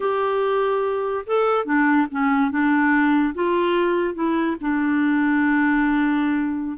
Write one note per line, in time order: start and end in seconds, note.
0.00 1.25 G4
1.26 1.65 A4
1.65 2.06 D4
2.11 2.50 C#4
2.50 3.34 D4
3.34 4.14 F4
4.14 4.56 E4
4.60 6.77 D4